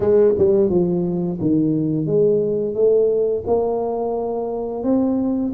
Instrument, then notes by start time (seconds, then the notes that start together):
tuba
0.00 G#3
0.38 G3
0.69 F3
1.40 D#3
2.06 G#3
2.74 A3
3.46 A#3
4.83 C4